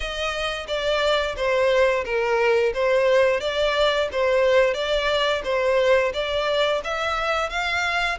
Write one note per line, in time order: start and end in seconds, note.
0.00 0.67 D#5
0.67 1.35 D5
1.36 2.04 C5
2.05 2.73 A#4
2.73 3.40 C5
3.40 4.08 D5
4.12 4.74 C5
4.74 5.42 D5
5.44 6.12 C5
6.13 6.81 D5
6.84 7.49 E5
7.49 8.18 F5